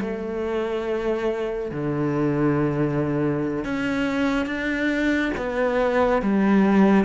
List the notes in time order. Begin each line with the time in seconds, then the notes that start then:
0.00 A3
1.71 D3
3.64 C#4
4.46 D4
5.37 B3
6.21 G3